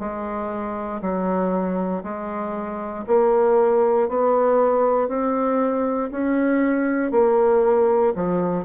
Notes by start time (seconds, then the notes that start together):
0.00 G#3
1.02 F#3
2.04 G#3
3.07 A#3
4.09 B3
5.08 C4
6.12 C#4
7.12 A#3
8.16 F3